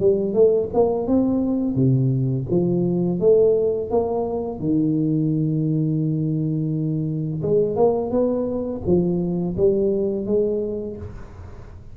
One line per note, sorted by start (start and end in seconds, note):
0.00 0.34 G3
0.34 0.69 A3
0.74 1.07 A#3
1.07 1.76 C4
1.76 2.46 C3
2.50 3.20 F3
3.20 3.90 A3
3.91 4.60 A#3
4.60 7.42 D#3
7.42 7.76 G#3
7.76 8.11 A#3
8.11 8.81 B3
8.86 9.57 F3
9.57 10.26 G3
10.26 10.97 G#3